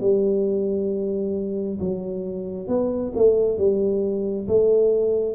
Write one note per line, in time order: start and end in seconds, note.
0.00 1.79 G3
1.80 2.67 F#3
2.67 3.12 B3
3.15 3.57 A3
3.57 4.47 G3
4.47 5.35 A3